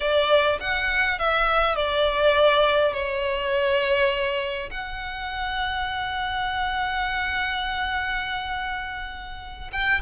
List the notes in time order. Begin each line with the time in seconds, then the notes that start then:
0.00 D5
0.60 F#5
1.18 E5
1.75 D5
2.93 C#5
4.70 F#5
9.72 G5